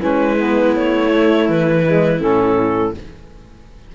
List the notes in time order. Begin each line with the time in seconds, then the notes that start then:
0.00 G#3 C#4 E4 B4
0.38 B3
0.76 A3 C#5
1.12 A3
1.48 E3 B4
1.85 G#3
2.20 A2 C#4 A4